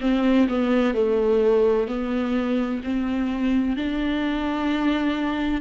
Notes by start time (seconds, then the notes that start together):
0.00 C4
0.48 B3
0.94 A3
1.87 B3
2.83 C4
3.76 D4